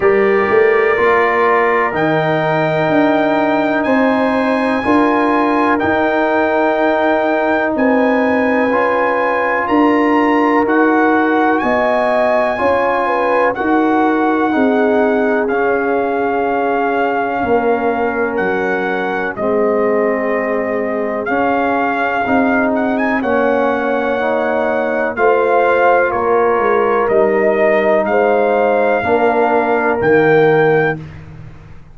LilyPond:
<<
  \new Staff \with { instrumentName = "trumpet" } { \time 4/4 \tempo 4 = 62 d''2 g''2 | gis''2 g''2 | gis''2 ais''4 fis''4 | gis''2 fis''2 |
f''2. fis''4 | dis''2 f''4. fis''16 gis''16 | fis''2 f''4 cis''4 | dis''4 f''2 g''4 | }
  \new Staff \with { instrumentName = "horn" } { \time 4/4 ais'1 | c''4 ais'2. | b'2 ais'2 | dis''4 cis''8 b'8 ais'4 gis'4~ |
gis'2 ais'2 | gis'1 | cis''2 c''4 ais'4~ | ais'4 c''4 ais'2 | }
  \new Staff \with { instrumentName = "trombone" } { \time 4/4 g'4 f'4 dis'2~ | dis'4 f'4 dis'2~ | dis'4 f'2 fis'4~ | fis'4 f'4 fis'4 dis'4 |
cis'1 | c'2 cis'4 dis'4 | cis'4 dis'4 f'2 | dis'2 d'4 ais4 | }
  \new Staff \with { instrumentName = "tuba" } { \time 4/4 g8 a8 ais4 dis4 d'4 | c'4 d'4 dis'2 | c'4 cis'4 d'4 dis'4 | b4 cis'4 dis'4 c'4 |
cis'2 ais4 fis4 | gis2 cis'4 c'4 | ais2 a4 ais8 gis8 | g4 gis4 ais4 dis4 | }
>>